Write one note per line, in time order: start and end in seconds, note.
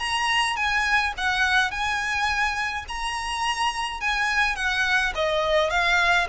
0.00 0.57 A#5
0.57 1.14 G#5
1.18 1.71 F#5
1.71 2.86 G#5
2.89 4.01 A#5
4.01 4.56 G#5
4.56 5.14 F#5
5.16 5.71 D#5
5.71 6.28 F5